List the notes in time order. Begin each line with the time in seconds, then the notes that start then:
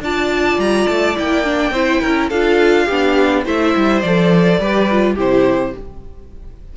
0.00 D4 F4 D5 A5
0.57 G3 A#5
0.87 A3 A5
1.16 A#3 E4 G5
1.44 D4
1.70 C4 E4 C5
2.01 C#4 A#4
2.29 D4 F4 A4 F5
2.85 B3 D4 G4
3.45 A3 E4 C5 E5
3.76 G3
4.01 F3 A4 D5
4.58 G3 G4 B4
4.91 F4
5.14 C3 E4 G4 C5